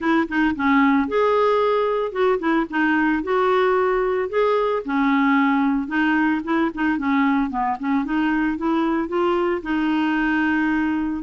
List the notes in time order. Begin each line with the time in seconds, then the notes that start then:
0.00 E4
0.28 D#4
0.55 C#4
1.08 G#4
2.12 F#4
2.39 E4
2.70 D#4
3.23 F#4
4.29 G#4
4.85 C#4
5.87 D#4
6.44 E4
6.74 D#4
6.98 C#4
7.50 B3
7.79 C#4
8.05 D#4
8.57 E4
9.08 F4
9.62 D#4